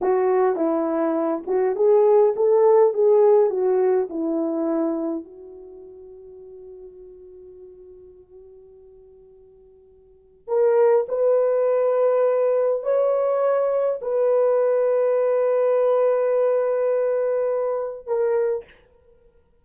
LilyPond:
\new Staff \with { instrumentName = "horn" } { \time 4/4 \tempo 4 = 103 fis'4 e'4. fis'8 gis'4 | a'4 gis'4 fis'4 e'4~ | e'4 fis'2.~ | fis'1~ |
fis'2 ais'4 b'4~ | b'2 cis''2 | b'1~ | b'2. ais'4 | }